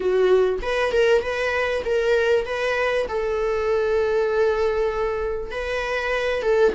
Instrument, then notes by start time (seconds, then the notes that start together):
viola
0.00 F#4
0.62 B4
0.92 A#4
1.22 B4
1.85 A#4
2.45 B4
3.08 A4
5.51 B4
6.42 A4